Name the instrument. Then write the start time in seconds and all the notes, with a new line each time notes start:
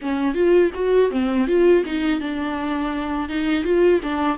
viola
0.01 C#4
0.34 F4
0.74 F#4
1.10 C4
1.47 F4
1.85 D#4
2.20 D4
3.28 D#4
3.64 F4
4.02 D4